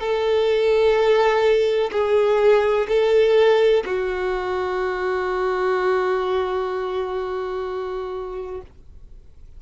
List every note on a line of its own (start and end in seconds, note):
0.00 1.90 A4
1.92 2.87 G#4
2.88 3.84 A4
3.85 8.61 F#4